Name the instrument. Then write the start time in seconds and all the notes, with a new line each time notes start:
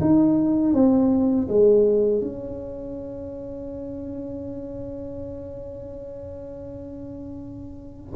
tuba
0.00 D#4
0.73 C4
1.48 G#3
2.21 C#4